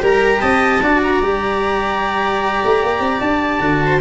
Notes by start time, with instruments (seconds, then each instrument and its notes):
0.00 tuba G3, cello G4, viola A#4, trumpet A#5
0.42 tuba C4, viola D#5, trumpet A5
0.82 tuba D4, cello F#4, viola D5
1.04 trumpet A#5
1.22 tuba G3, cello G4
2.65 tuba A3
2.84 tuba A#3
3.00 tuba C4
3.21 tuba D4, trumpet A5
3.60 tuba D3, cello F#4
3.86 viola C5